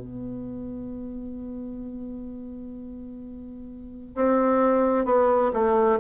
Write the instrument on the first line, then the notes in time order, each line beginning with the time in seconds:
bassoon
0.00 B3
4.15 C4
5.06 B3
5.53 A3